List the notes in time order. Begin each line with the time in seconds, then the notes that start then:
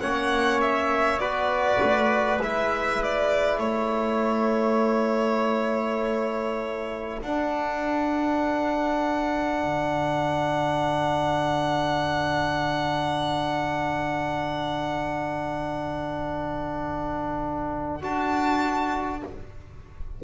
0.00 A#3 C#4 C#5 F#5
0.61 E5
1.19 B3 F#4 B4 D5
1.81 A3
2.38 G#3 E4 E5
3.03 D5
3.58 A3 A4 C#5
7.21 D4 F#5
9.62 D3
18.01 D4 F#4 A5